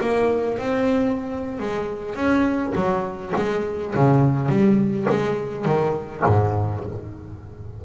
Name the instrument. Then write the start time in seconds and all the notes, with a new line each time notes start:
double bass
0.00 A#3
0.58 C4
1.59 G#3
2.14 C#4
2.75 F#3
3.36 G#3
3.95 C#3
4.48 G3
5.09 G#3
5.65 D#3
6.26 G#2